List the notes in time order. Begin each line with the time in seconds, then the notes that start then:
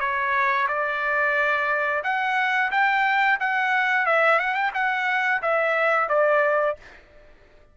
0.00 C#5
0.68 D5
2.04 F#5
2.72 G5
3.40 F#5
4.06 E5
4.39 F#5
4.55 G5
4.74 F#5
5.42 E5
6.09 D5